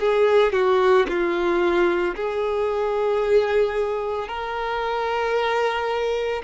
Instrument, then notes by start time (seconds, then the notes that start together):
violin
0.00 G#4
0.53 F#4
1.08 F4
2.16 G#4
4.28 A#4